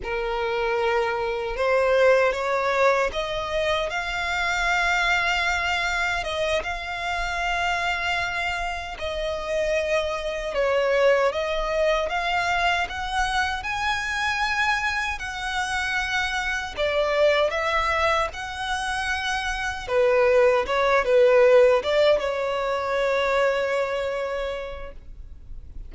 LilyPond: \new Staff \with { instrumentName = "violin" } { \time 4/4 \tempo 4 = 77 ais'2 c''4 cis''4 | dis''4 f''2. | dis''8 f''2. dis''8~ | dis''4. cis''4 dis''4 f''8~ |
f''8 fis''4 gis''2 fis''8~ | fis''4. d''4 e''4 fis''8~ | fis''4. b'4 cis''8 b'4 | d''8 cis''2.~ cis''8 | }